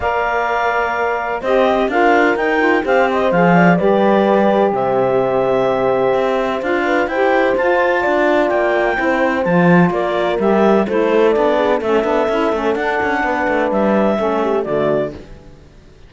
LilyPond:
<<
  \new Staff \with { instrumentName = "clarinet" } { \time 4/4 \tempo 4 = 127 f''2. dis''4 | f''4 g''4 f''8 dis''8 f''4 | d''2 e''2~ | e''2 f''4 g''4 |
a''2 g''2 | a''4 d''4 e''4 c''4 | d''4 e''2 fis''4~ | fis''4 e''2 d''4 | }
  \new Staff \with { instrumentName = "horn" } { \time 4/4 d''2. c''4 | ais'2 c''4. d''8 | b'2 c''2~ | c''2~ c''8 b'8 c''4~ |
c''4 d''2 c''4~ | c''4 ais'2 a'4~ | a'8 gis'8 a'2. | b'2 a'8 g'8 fis'4 | }
  \new Staff \with { instrumentName = "saxophone" } { \time 4/4 ais'2. g'4 | f'4 dis'8 f'8 g'4 gis'4 | g'1~ | g'2 f'4 g'4 |
f'2. e'4 | f'2 g'4 e'4 | d'4 cis'8 d'8 e'8 cis'8 d'4~ | d'2 cis'4 a4 | }
  \new Staff \with { instrumentName = "cello" } { \time 4/4 ais2. c'4 | d'4 dis'4 c'4 f4 | g2 c2~ | c4 c'4 d'4 e'4 |
f'4 d'4 ais4 c'4 | f4 ais4 g4 a4 | b4 a8 b8 cis'8 a8 d'8 cis'8 | b8 a8 g4 a4 d4 | }
>>